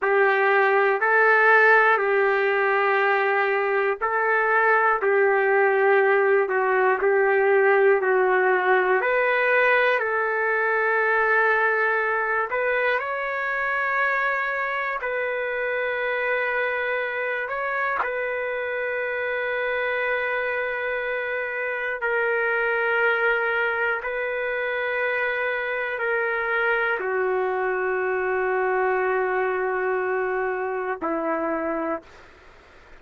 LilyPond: \new Staff \with { instrumentName = "trumpet" } { \time 4/4 \tempo 4 = 60 g'4 a'4 g'2 | a'4 g'4. fis'8 g'4 | fis'4 b'4 a'2~ | a'8 b'8 cis''2 b'4~ |
b'4. cis''8 b'2~ | b'2 ais'2 | b'2 ais'4 fis'4~ | fis'2. e'4 | }